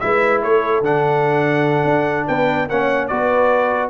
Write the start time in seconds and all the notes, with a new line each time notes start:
0.00 G#3 E4 B4 E5
0.43 A3 A4 C#5
0.82 D3 D4 F#5
1.85 D4
2.27 B3 B4 G5
2.69 A#3 C#4 C#5 F#5
3.07 B3 F#4 B4 D5